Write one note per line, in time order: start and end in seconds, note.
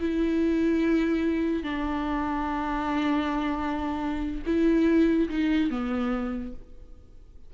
0.00 1.63 E4
1.63 4.43 D4
4.46 5.29 E4
5.29 5.70 D#4
5.70 6.53 B3